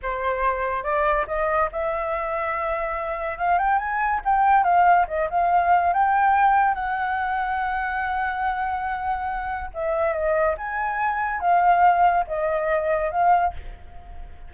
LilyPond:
\new Staff \with { instrumentName = "flute" } { \time 4/4 \tempo 4 = 142 c''2 d''4 dis''4 | e''1 | f''8 g''8 gis''4 g''4 f''4 | dis''8 f''4. g''2 |
fis''1~ | fis''2. e''4 | dis''4 gis''2 f''4~ | f''4 dis''2 f''4 | }